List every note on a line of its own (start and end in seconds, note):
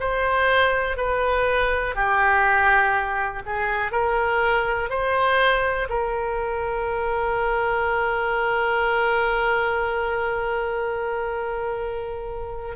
0.00 0.97 C5
0.97 1.95 B4
1.95 3.42 G4
3.45 3.92 G#4
3.92 4.90 A#4
4.90 5.88 C5
5.89 12.76 A#4